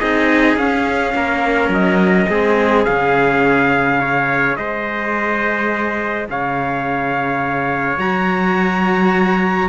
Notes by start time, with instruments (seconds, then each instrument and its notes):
0.00 cello C4 D#4, trumpet G#4 D#5
0.56 cello C#4, trumpet F5
1.15 cello A#3, trumpet A#4
1.69 cello F#3, trumpet D#5
2.29 cello G#3 C4, trumpet G#4
2.85 cello C#3 C#4, trumpet F5
4.00 cello G#4, trumpet C#5
4.57 cello G#3, trumpet C5 D#5
6.30 cello C#3, trumpet C#5 F5
7.98 cello F#3 F#4, trumpet A#5